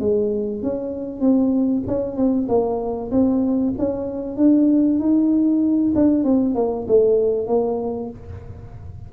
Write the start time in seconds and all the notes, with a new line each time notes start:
0.00 G#3
0.62 C#4
1.20 C4
1.87 C#4
2.16 C4
2.48 A#3
3.11 C4
3.78 C#4
4.37 D4
4.99 D#4
5.95 D4
6.24 C4
6.55 A#3
6.88 A3
7.47 A#3